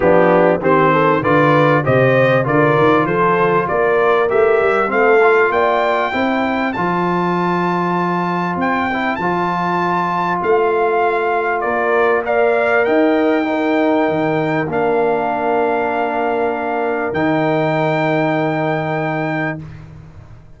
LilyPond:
<<
  \new Staff \with { instrumentName = "trumpet" } { \time 4/4 \tempo 4 = 98 g'4 c''4 d''4 dis''4 | d''4 c''4 d''4 e''4 | f''4 g''2 a''4~ | a''2 g''4 a''4~ |
a''4 f''2 d''4 | f''4 g''2. | f''1 | g''1 | }
  \new Staff \with { instrumentName = "horn" } { \time 4/4 d'4 g'8 a'8 b'4 c''4 | ais'4 a'4 ais'2 | a'4 d''4 c''2~ | c''1~ |
c''2. ais'4 | d''4 dis''4 ais'2~ | ais'1~ | ais'1 | }
  \new Staff \with { instrumentName = "trombone" } { \time 4/4 b4 c'4 f'4 g'4 | f'2. g'4 | c'8 f'4. e'4 f'4~ | f'2~ f'8 e'8 f'4~ |
f'1 | ais'2 dis'2 | d'1 | dis'1 | }
  \new Staff \with { instrumentName = "tuba" } { \time 4/4 f4 dis4 d4 c4 | d8 dis8 f4 ais4 a8 g8 | a4 ais4 c'4 f4~ | f2 c'4 f4~ |
f4 a2 ais4~ | ais4 dis'2 dis4 | ais1 | dis1 | }
>>